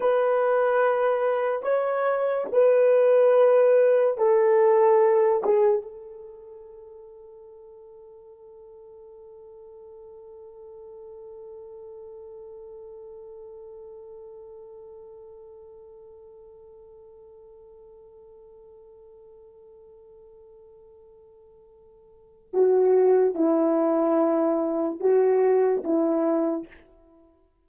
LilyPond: \new Staff \with { instrumentName = "horn" } { \time 4/4 \tempo 4 = 72 b'2 cis''4 b'4~ | b'4 a'4. gis'8 a'4~ | a'1~ | a'1~ |
a'1~ | a'1~ | a'2. fis'4 | e'2 fis'4 e'4 | }